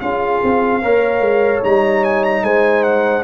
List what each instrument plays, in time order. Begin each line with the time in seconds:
0.00 tuba C#4, trombone F4, horn G#4, trumpet F5
0.44 tuba C4
0.82 tuba A#3, trombone A#4, horn C#5
1.20 tuba G#3
1.63 tuba G3, trombone D#4, trumpet A#5
2.04 trumpet G#5
2.23 trumpet A#5
2.42 tuba G#3, horn C5, trumpet G#5
2.83 trumpet F#5